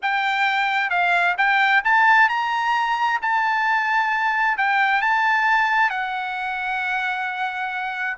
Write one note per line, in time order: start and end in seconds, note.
0.01 0.90 G5
0.90 1.35 F5
1.37 1.82 G5
1.84 2.29 A5
2.29 3.19 A#5
3.21 4.57 A5
4.57 5.01 G5
5.01 5.90 A5
5.90 8.17 F#5